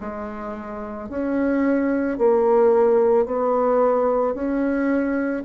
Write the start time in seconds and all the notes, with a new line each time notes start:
0.00 G#3
1.09 C#4
2.18 A#3
3.25 B3
4.34 C#4